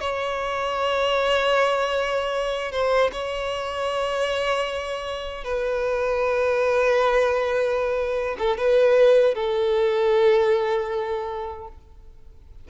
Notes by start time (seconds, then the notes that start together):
0.00 C#5
2.71 C5
3.12 C#5
5.44 B4
8.38 A4
8.57 B4
9.34 A4